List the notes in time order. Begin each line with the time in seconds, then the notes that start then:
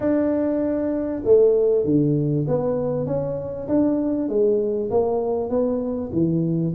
0.00 D4
1.24 A3
1.85 D3
2.47 B3
3.06 C#4
3.68 D4
4.28 G#3
4.90 A#3
5.49 B3
6.12 E3